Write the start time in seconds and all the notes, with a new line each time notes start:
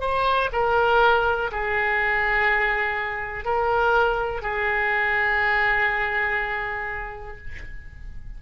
0.00 C5
0.52 A#4
1.51 G#4
3.44 A#4
4.42 G#4